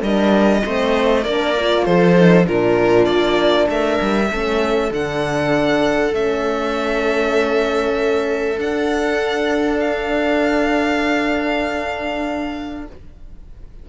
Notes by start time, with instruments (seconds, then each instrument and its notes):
0.00 cello G3, horn D4, viola A#4, violin D#5
0.64 cello A3, horn C4, viola C5
1.23 cello A#3, horn D4, viola A#4, violin D5
1.56 horn F4
1.85 cello F3, viola A4, violin C5
2.17 horn D#4
2.43 cello A#2, horn D4, viola F4, violin A#4
3.05 cello A#3, violin D5
3.69 cello A3, viola A#4, violin E5
4.01 cello G3
4.31 cello A3, horn C#4, viola A4
4.91 cello D3, horn D4, violin F#5
6.13 cello A3, horn C#4, violin E5
8.58 cello D4, horn D4, violin F#5
9.80 violin F5